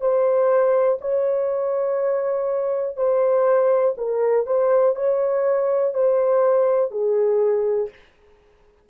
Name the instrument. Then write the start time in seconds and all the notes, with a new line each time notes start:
horn
0.00 C5
1.01 C#5
2.96 C5
3.97 A#4
4.46 C5
4.95 C#5
5.93 C5
6.91 G#4